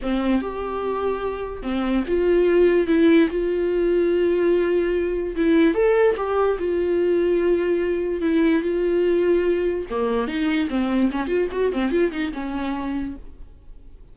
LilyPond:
\new Staff \with { instrumentName = "viola" } { \time 4/4 \tempo 4 = 146 c'4 g'2. | c'4 f'2 e'4 | f'1~ | f'4 e'4 a'4 g'4 |
f'1 | e'4 f'2. | ais4 dis'4 c'4 cis'8 f'8 | fis'8 c'8 f'8 dis'8 cis'2 | }